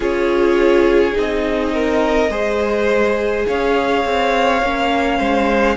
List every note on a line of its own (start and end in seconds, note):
0.00 1.15 C#4
0.00 1.13 F4
0.00 1.72 G#4
0.00 1.17 C#5
1.13 2.29 C4
1.13 2.28 D#4
1.13 3.46 D#5
1.73 2.30 A#4
2.29 3.44 G#3
2.29 4.61 G#4
2.29 3.46 C5
3.46 4.05 C#4
3.46 5.18 C#5
3.46 5.76 F5
4.05 4.62 C4
4.62 5.19 A#3
4.62 5.76 C#4
5.18 5.76 G#3
5.18 5.76 C5